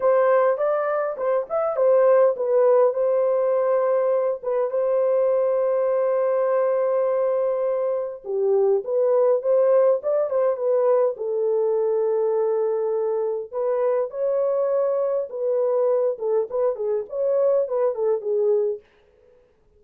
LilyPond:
\new Staff \with { instrumentName = "horn" } { \time 4/4 \tempo 4 = 102 c''4 d''4 c''8 e''8 c''4 | b'4 c''2~ c''8 b'8 | c''1~ | c''2 g'4 b'4 |
c''4 d''8 c''8 b'4 a'4~ | a'2. b'4 | cis''2 b'4. a'8 | b'8 gis'8 cis''4 b'8 a'8 gis'4 | }